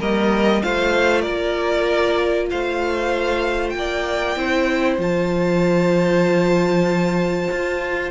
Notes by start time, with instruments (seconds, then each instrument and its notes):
0.00 cello G3, viola A#3, violin A#4 D#5
0.63 cello A3, viola F4, violin C5 F5
1.22 cello A#3, violin A#4 D5
2.51 cello A3, violin C5 F5
3.70 cello A#3, violin G5
3.79 violin D5
4.37 cello C4, viola E4, violin C5
4.98 cello F3, viola F4, violin A5
7.52 cello F4